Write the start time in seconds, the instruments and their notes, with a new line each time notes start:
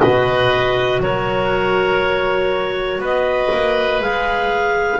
0.00 double bass B2, clarinet F#4 D#5, oboe B4
1.00 double bass F#3, oboe A#4, clarinet C#5
2.99 double bass B3, oboe B4
3.05 clarinet D#5
3.52 double bass A#3
4.00 double bass G#3, clarinet G#4 F5